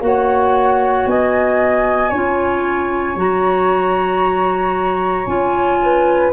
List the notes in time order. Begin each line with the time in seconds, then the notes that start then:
0.00 A#3 F#4 C#5 F#5
1.06 B3 D#5 G#5
2.10 C#4 F4 C#5
3.16 F#3 F#4 A#5
5.26 C#4 F4 G#5
5.83 B4